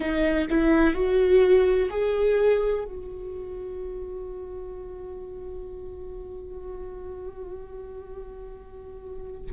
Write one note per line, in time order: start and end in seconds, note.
0.00 0.46 D#4
0.49 0.94 E4
0.94 1.89 F#4
1.90 2.84 G#4
2.84 9.51 F#4